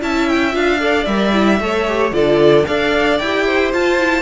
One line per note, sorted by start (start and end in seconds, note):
0.00 0.55 C#4
0.00 0.52 E4
0.00 0.80 E5
0.00 0.29 A5
0.29 0.55 G5
0.52 1.06 D4
0.52 0.78 F4
0.52 1.05 F5
0.79 1.06 A4
0.79 1.60 D5
1.05 1.59 G3
1.05 1.33 A#4
1.05 2.11 E5
1.33 1.59 E4
1.60 2.12 A3
1.60 1.87 A4
1.60 2.15 C#5
1.87 2.12 G4
2.12 2.65 D3
2.12 2.65 F4
2.12 2.67 A4
2.12 2.66 D5
2.66 3.20 D4
2.66 3.19 A4
2.66 3.46 D5
2.66 3.18 F5
3.18 3.73 E4
3.18 3.74 G4
3.18 3.71 G5
3.46 4.22 C5
3.73 4.22 F4
3.73 3.98 F4
3.73 4.22 A5
3.98 4.22 E4